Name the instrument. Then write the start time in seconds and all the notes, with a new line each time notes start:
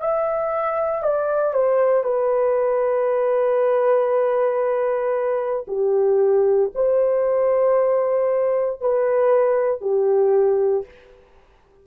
horn
0.00 E5
1.03 D5
1.54 C5
2.04 B4
5.68 G4
6.75 C5
8.81 B4
9.81 G4